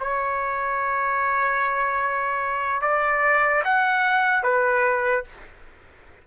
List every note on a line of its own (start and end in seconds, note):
0.00 2.82 C#5
2.82 3.63 D5
3.64 4.43 F#5
4.43 5.24 B4